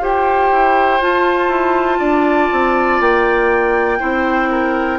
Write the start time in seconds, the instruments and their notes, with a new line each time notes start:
0.00 bassoon F4, clarinet G4, oboe C5, flute G5
0.51 bassoon E4
1.01 bassoon F4, clarinet F4, flute A5
1.48 bassoon E4
1.99 bassoon D4, oboe D5
2.52 bassoon C4
3.00 bassoon A#3, flute G5
4.00 bassoon C4, clarinet E4, oboe C5
4.51 oboe A#4